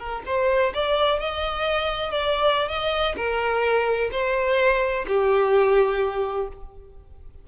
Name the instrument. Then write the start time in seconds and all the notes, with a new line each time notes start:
violin
0.00 A#4
0.27 C5
0.74 D5
1.20 D#5
2.12 D5
2.69 D#5
3.17 A#4
4.12 C5
5.08 G4